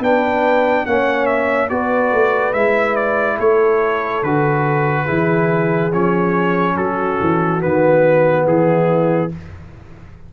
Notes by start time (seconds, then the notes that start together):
0.00 B3 D4 B4 G5
0.86 A#3 C#4 C#5 F#5
1.26 E5
1.69 B3 F#4 B4 D5
2.12 A3
2.54 G#3 E4 E5
2.96 D5
3.38 A3 A4 C#5
4.23 D3 F#4 B4
5.05 E3 E4 G#4
5.93 F3 C#4 C#5
6.76 F#3 F#4 A4
7.21 E3
7.61 D#3 B3 B4
8.47 E3 E4 G#4